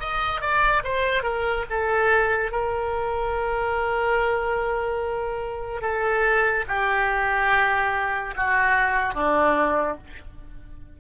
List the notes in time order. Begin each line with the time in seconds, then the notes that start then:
0.00 D#5
0.41 D5
0.84 C5
1.23 A#4
1.70 A4
2.52 A#4
5.81 A4
6.68 G4
8.36 F#4
9.14 D4